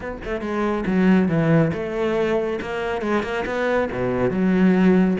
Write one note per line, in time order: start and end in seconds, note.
0.00 0.17 B3
0.24 0.41 A3
0.41 0.84 G#3
0.86 1.28 F#3
1.28 1.71 E3
1.73 2.59 A3
2.61 3.01 A#3
3.01 3.23 G#3
3.23 3.44 A#3
3.46 3.89 B3
3.91 4.30 B2
4.30 5.17 F#3